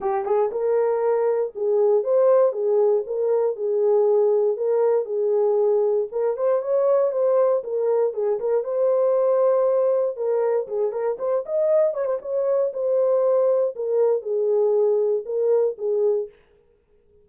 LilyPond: \new Staff \with { instrumentName = "horn" } { \time 4/4 \tempo 4 = 118 g'8 gis'8 ais'2 gis'4 | c''4 gis'4 ais'4 gis'4~ | gis'4 ais'4 gis'2 | ais'8 c''8 cis''4 c''4 ais'4 |
gis'8 ais'8 c''2. | ais'4 gis'8 ais'8 c''8 dis''4 cis''16 c''16 | cis''4 c''2 ais'4 | gis'2 ais'4 gis'4 | }